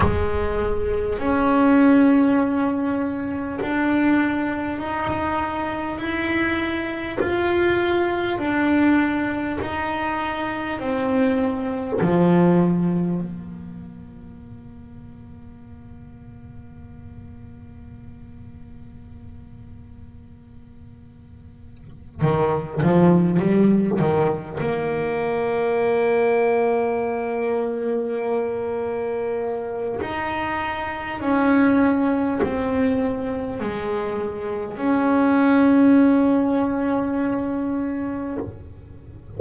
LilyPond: \new Staff \with { instrumentName = "double bass" } { \time 4/4 \tempo 4 = 50 gis4 cis'2 d'4 | dis'4 e'4 f'4 d'4 | dis'4 c'4 f4 ais4~ | ais1~ |
ais2~ ais8 dis8 f8 g8 | dis8 ais2.~ ais8~ | ais4 dis'4 cis'4 c'4 | gis4 cis'2. | }